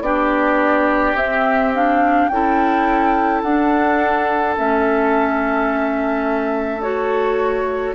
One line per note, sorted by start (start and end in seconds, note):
0.00 1.13 B3
0.00 1.17 D4
0.00 2.30 G4
0.00 1.15 D5
1.13 2.27 C4
1.13 1.74 C4
1.13 1.72 E5
1.74 2.31 D4
1.74 2.28 F5
2.28 3.43 C#4
2.28 3.44 E4
2.28 7.95 A4
2.28 3.41 G5
3.42 4.56 D4
3.42 4.55 F#5
4.56 7.95 A3
4.56 6.82 C#4
4.56 6.82 E5
6.82 7.95 F#4
6.82 7.95 C#5